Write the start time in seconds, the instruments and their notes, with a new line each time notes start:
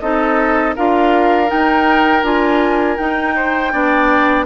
0.00 bassoon C4, clarinet D#4, oboe A4, flute D#5
0.75 bassoon D4, clarinet F4, oboe A#4, flute F5
1.47 clarinet D#4, bassoon D#4, flute G5
2.23 bassoon D4, clarinet F4, flute G#5
2.96 clarinet D#4, bassoon D#4, flute G5
3.36 oboe C5
3.72 bassoon B3, clarinet D4, oboe D5